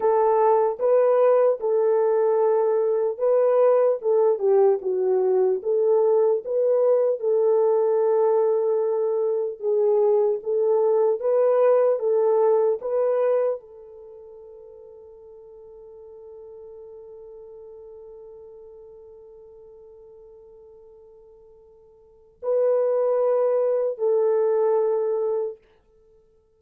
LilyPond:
\new Staff \with { instrumentName = "horn" } { \time 4/4 \tempo 4 = 75 a'4 b'4 a'2 | b'4 a'8 g'8 fis'4 a'4 | b'4 a'2. | gis'4 a'4 b'4 a'4 |
b'4 a'2.~ | a'1~ | a'1 | b'2 a'2 | }